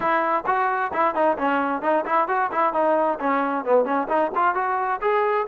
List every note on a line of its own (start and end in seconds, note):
0.00 0.44 E4
0.46 0.91 F#4
0.93 1.14 E4
1.14 1.37 D#4
1.37 1.82 C#4
1.82 2.04 D#4
2.05 2.28 E4
2.28 2.50 F#4
2.51 2.73 E4
2.73 3.18 D#4
3.19 3.65 C#4
3.65 3.85 B3
3.85 4.07 C#4
4.08 4.31 D#4
4.35 4.55 F4
4.55 5.00 F#4
5.01 5.46 G#4